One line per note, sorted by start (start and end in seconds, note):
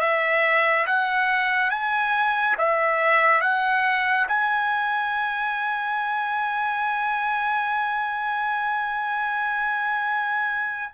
0.00 0.86 E5
0.86 1.70 F#5
1.70 2.56 G#5
2.58 3.41 E5
3.41 4.27 F#5
4.28 10.92 G#5